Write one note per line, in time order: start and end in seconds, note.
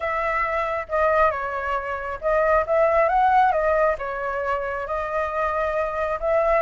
0.00 0.86 E5
0.88 1.31 D#5
1.31 2.19 C#5
2.21 2.65 D#5
2.66 3.08 E5
3.08 3.52 F#5
3.52 3.96 D#5
3.98 4.86 C#5
4.86 6.19 D#5
6.19 6.62 E5